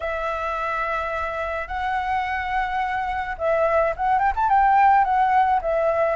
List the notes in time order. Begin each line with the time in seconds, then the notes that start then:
0.00 E5
1.67 F#5
3.38 E5
3.96 F#5
4.18 G5
4.35 A5
4.49 G5
5.04 F#5
5.61 E5